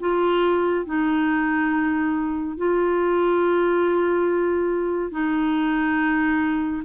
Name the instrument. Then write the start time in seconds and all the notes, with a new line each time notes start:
clarinet
0.00 F4
0.86 D#4
2.58 F4
5.12 D#4